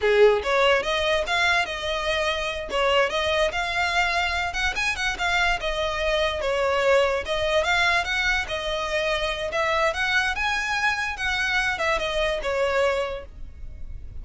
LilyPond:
\new Staff \with { instrumentName = "violin" } { \time 4/4 \tempo 4 = 145 gis'4 cis''4 dis''4 f''4 | dis''2~ dis''8 cis''4 dis''8~ | dis''8 f''2~ f''8 fis''8 gis''8 | fis''8 f''4 dis''2 cis''8~ |
cis''4. dis''4 f''4 fis''8~ | fis''8 dis''2~ dis''8 e''4 | fis''4 gis''2 fis''4~ | fis''8 e''8 dis''4 cis''2 | }